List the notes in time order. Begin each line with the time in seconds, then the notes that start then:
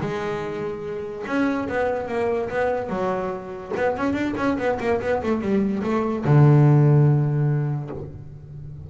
0.00 G#3
1.27 C#4
1.69 B3
2.08 A#3
2.49 B3
2.89 F#3
3.76 B3
3.97 C#4
4.13 D4
4.37 C#4
4.58 B3
4.80 A#3
5.01 B3
5.23 A3
5.41 G3
5.83 A3
6.24 D3